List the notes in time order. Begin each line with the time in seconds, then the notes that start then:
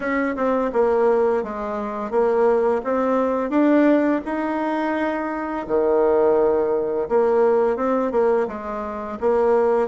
0.00 C#4
0.36 C4
0.73 A#3
1.43 G#3
2.10 A#3
2.84 C4
3.50 D4
4.25 D#4
5.67 D#3
7.08 A#3
7.76 C4
8.11 A#3
8.47 G#3
9.20 A#3